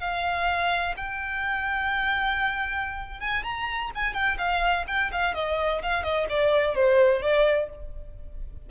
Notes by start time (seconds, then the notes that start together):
0.00 F5
0.97 G5
3.20 G#5
3.44 A#5
3.94 G#5
4.14 G5
4.38 F5
4.87 G5
5.12 F5
5.35 D#5
5.82 F5
6.03 D#5
6.29 D5
6.75 C5
7.22 D5